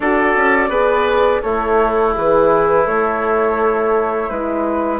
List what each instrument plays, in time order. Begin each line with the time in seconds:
0.00 bassoon D4, horn F#4, oboe A4, flute D5
0.36 bassoon C#4
0.68 bassoon B3, horn G#4, oboe B4
1.42 bassoon A3, oboe E4, horn A4, flute C#5
2.14 bassoon E3, horn G#4, flute B4
2.85 bassoon A3, horn A4, flute C#5
4.29 bassoon G#3, horn E4, flute B4